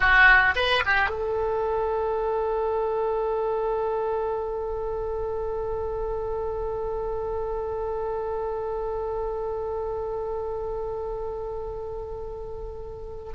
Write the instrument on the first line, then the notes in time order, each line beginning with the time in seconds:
oboe
0.00 F#4
0.55 B4
0.85 G4
1.09 A4